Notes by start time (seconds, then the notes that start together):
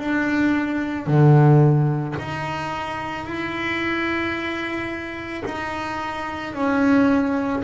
0.00 D4
1.07 D3
2.20 D#4
3.26 E4
5.46 D#4
6.54 C#4